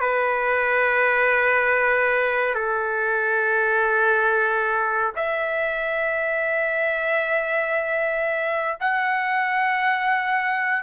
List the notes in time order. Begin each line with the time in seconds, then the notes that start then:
0.00 B4
2.54 A4
5.16 E5
8.80 F#5